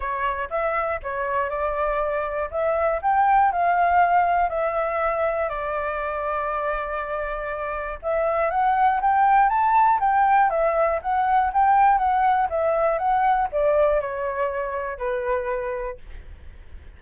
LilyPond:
\new Staff \with { instrumentName = "flute" } { \time 4/4 \tempo 4 = 120 cis''4 e''4 cis''4 d''4~ | d''4 e''4 g''4 f''4~ | f''4 e''2 d''4~ | d''1 |
e''4 fis''4 g''4 a''4 | g''4 e''4 fis''4 g''4 | fis''4 e''4 fis''4 d''4 | cis''2 b'2 | }